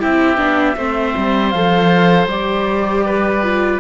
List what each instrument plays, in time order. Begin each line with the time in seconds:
0.00 cello C4, viola E4, oboe G4, flute E5
0.37 cello B3, viola D4
0.77 cello A3, viola C4, oboe C5
1.17 cello G3
1.51 cello F3, viola A4, flute F5
2.26 cello G3, viola G4, flute D5
3.06 oboe B4
3.43 viola F4